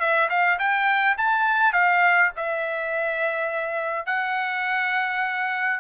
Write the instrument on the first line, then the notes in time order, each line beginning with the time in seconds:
trumpet
0.00 E5
0.30 F5
0.59 G5
1.18 A5
1.73 F5
2.36 E5
4.06 F#5